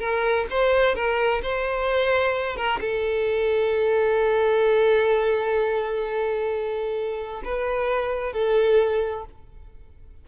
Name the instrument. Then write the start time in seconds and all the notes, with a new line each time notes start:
violin
0.00 A#4
0.50 C5
0.95 A#4
1.43 C5
2.56 A#4
2.81 A4
7.45 B4
8.33 A4